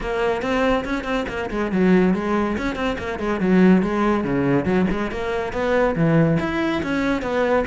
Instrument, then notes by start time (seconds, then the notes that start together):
cello
0.01 A#3
0.41 C4
0.85 C#4
1.03 C4
1.28 A#3
1.50 G#3
1.71 F#3
2.14 G#3
2.57 C#4
2.75 C4
2.98 A#3
3.19 G#3
3.40 F#3
3.82 G#3
4.23 C#3
4.65 F#3
4.91 G#3
5.11 A#3
5.52 B3
5.95 E3
6.39 E4
6.83 C#4
7.21 B3